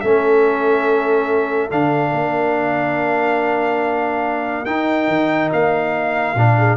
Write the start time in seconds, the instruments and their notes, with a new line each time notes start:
0.00 tuba A3, trombone C#4, horn A4, trumpet E5
1.70 tuba D3, trombone D4, trumpet F5
2.12 tuba A#3, horn A#4
4.65 tuba D#4, trombone D#4, trumpet G5
5.07 tuba D#3
5.52 tuba A#3, trumpet F5
6.35 tuba A#2, trombone D4
6.57 horn G#4